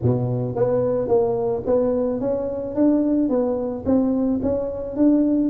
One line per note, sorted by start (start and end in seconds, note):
0.02 0.55 B2
0.55 1.07 B3
1.07 1.62 A#3
1.66 2.20 B3
2.20 2.75 C#4
2.75 3.29 D4
3.29 3.84 B3
3.85 4.40 C4
4.42 4.96 C#4
4.96 5.49 D4